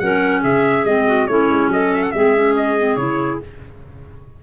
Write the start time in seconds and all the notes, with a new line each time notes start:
0.00 F#3 C#4 A#4 F#5
0.42 C#3 G#4 E5
0.85 G#3 C4 D#5
1.07 F#4
1.27 A3 C#4 E4 C#5
1.50 G#3
1.68 F#3 A4 D#5
1.94 E5
2.03 F#5
2.12 G#3 C4 G#4 E5
2.36 C#4
2.57 D#5
2.79 C4
2.97 C#3 E4 C#5